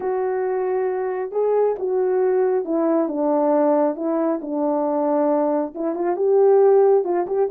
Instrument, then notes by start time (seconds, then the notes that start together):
horn
0.00 F#4
1.31 G#4
1.78 F#4
2.65 E4
3.08 D4
3.95 E4
4.41 D4
5.75 E4
5.95 F4
6.16 G4
7.04 F4
7.27 G4